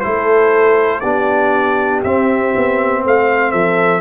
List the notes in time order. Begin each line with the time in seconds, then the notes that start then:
0.00 A3 E4 A4 C5
1.00 B3 D4 G4 D5
2.03 C4 E5
2.56 B3
3.04 A3 C5 F5
3.51 F3 A4 E5